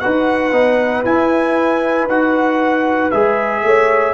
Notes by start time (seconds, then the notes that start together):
0.00 D#4 F#4 B4 F#5
0.52 B3 D#4
1.05 E4 G#5
2.06 D#4 F#4 F#5
3.11 G#3 G#4 E5
3.63 A3 C#5